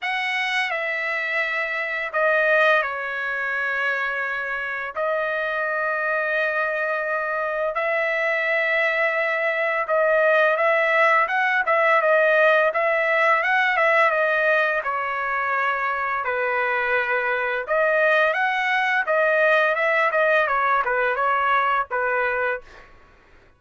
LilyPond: \new Staff \with { instrumentName = "trumpet" } { \time 4/4 \tempo 4 = 85 fis''4 e''2 dis''4 | cis''2. dis''4~ | dis''2. e''4~ | e''2 dis''4 e''4 |
fis''8 e''8 dis''4 e''4 fis''8 e''8 | dis''4 cis''2 b'4~ | b'4 dis''4 fis''4 dis''4 | e''8 dis''8 cis''8 b'8 cis''4 b'4 | }